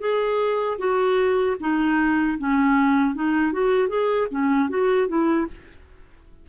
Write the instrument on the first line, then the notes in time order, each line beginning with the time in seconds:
clarinet
0.00 G#4
0.79 F#4
1.60 D#4
2.38 C#4
3.15 D#4
3.52 F#4
3.88 G#4
4.31 C#4
4.69 F#4
5.08 E4